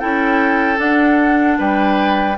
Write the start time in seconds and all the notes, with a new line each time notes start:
0.00 C#4 E4 A4 G5
0.77 D4 F#5
1.59 G3 B4 G5